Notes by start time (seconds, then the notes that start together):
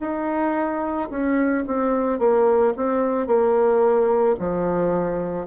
0.00 D#4
1.10 C#4
1.67 C4
2.19 A#3
2.77 C4
3.27 A#3
4.39 F3